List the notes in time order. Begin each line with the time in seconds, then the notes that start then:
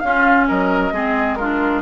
0.00 C#4 F4 F5
0.48 F#3 A#4 D#5
0.92 G#3 C4 G#4
1.36 D4 F4 A#4